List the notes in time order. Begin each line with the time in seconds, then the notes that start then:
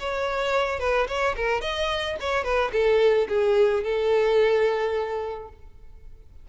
0.00 C#5
0.80 B4
1.08 C#5
1.36 A#4
1.61 D#5
2.21 C#5
2.44 B4
2.73 A4
3.29 G#4
3.84 A4